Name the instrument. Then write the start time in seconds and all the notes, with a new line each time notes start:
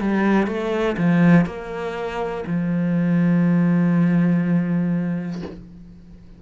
cello
0.00 G3
0.47 A3
0.97 F3
1.46 A#3
2.47 F3